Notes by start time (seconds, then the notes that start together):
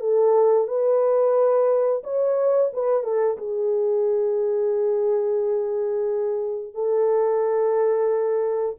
0.00 A4
0.67 B4
2.03 C#5
2.73 B4
3.03 A4
3.37 G#4
6.74 A4